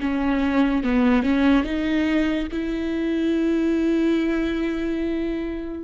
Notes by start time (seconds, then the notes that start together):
0.00 C#4
0.83 B3
1.23 C#4
1.64 D#4
2.52 E4